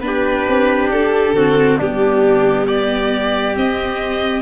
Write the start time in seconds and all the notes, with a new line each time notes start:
0.00 B3 D4 B4
0.07 G4
0.49 C4
0.90 D4 A4
1.33 D3 C4 F#4
1.78 G3 B3 D4 G4
2.67 G4 D5
3.54 C4 D#5